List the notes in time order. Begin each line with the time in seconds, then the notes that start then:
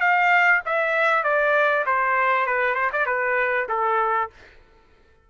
0.00 F5
0.65 E5
1.24 D5
1.86 C5
2.47 B4
2.75 C5
2.92 D5
3.06 B4
3.69 A4